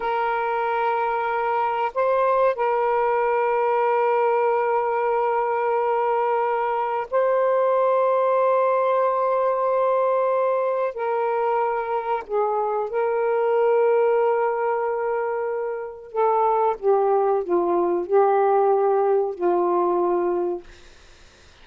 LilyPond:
\new Staff \with { instrumentName = "saxophone" } { \time 4/4 \tempo 4 = 93 ais'2. c''4 | ais'1~ | ais'2. c''4~ | c''1~ |
c''4 ais'2 gis'4 | ais'1~ | ais'4 a'4 g'4 f'4 | g'2 f'2 | }